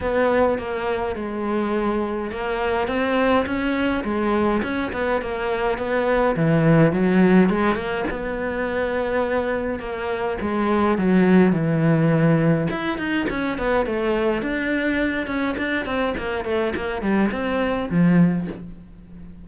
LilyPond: \new Staff \with { instrumentName = "cello" } { \time 4/4 \tempo 4 = 104 b4 ais4 gis2 | ais4 c'4 cis'4 gis4 | cis'8 b8 ais4 b4 e4 | fis4 gis8 ais8 b2~ |
b4 ais4 gis4 fis4 | e2 e'8 dis'8 cis'8 b8 | a4 d'4. cis'8 d'8 c'8 | ais8 a8 ais8 g8 c'4 f4 | }